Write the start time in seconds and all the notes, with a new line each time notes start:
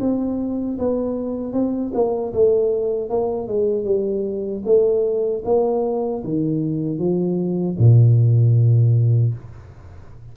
0.00 C4
0.78 B3
1.53 C4
1.94 A#3
2.33 A3
3.10 A#3
3.48 G#3
3.85 G3
4.65 A3
5.45 A#3
6.24 D#3
6.98 F3
7.78 A#2